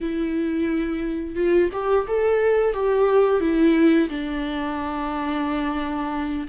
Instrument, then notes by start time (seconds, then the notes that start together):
viola
0.01 E4
1.35 F4
1.72 G4
2.07 A4
2.73 G4
3.40 E4
4.09 D4